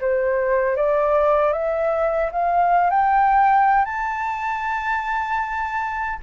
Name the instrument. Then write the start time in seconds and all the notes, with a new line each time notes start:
flute
0.00 C5
0.76 D5
1.52 E5
2.32 F5
2.90 G5
3.85 A5